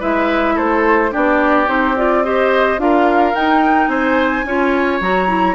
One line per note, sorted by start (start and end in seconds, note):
0.00 0.57 G#3
0.00 1.11 E4
0.00 0.55 B4
0.00 0.58 E5
0.55 1.12 A3
0.55 1.11 A4
0.55 1.13 C5
1.11 1.68 B3
1.11 1.67 D4
1.11 2.23 G4
1.11 1.69 D5
1.67 2.78 C4
1.67 1.94 D#4
1.67 1.96 C5
1.97 2.24 F4
1.97 2.24 D5
2.24 2.79 G4
2.24 2.81 C5
2.24 2.80 D#5
2.78 3.34 D4
2.78 3.34 F4
2.78 3.90 A#4
2.78 3.35 F5
3.34 4.45 D#4
3.34 3.88 D#4
3.34 3.88 G5
3.88 4.44 C4
3.88 4.46 C5
3.88 4.99 G#5
4.45 5.01 C#4
4.45 5.02 F4
4.45 5.56 C#5
5.01 5.56 F#3
5.01 5.27 F#4
5.01 5.56 A#5
5.27 5.55 E4